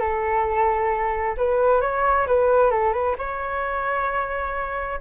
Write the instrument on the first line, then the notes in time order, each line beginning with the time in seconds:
flute
0.00 A4
1.37 B4
1.81 C#5
2.27 B4
2.70 A4
2.93 B4
3.18 C#5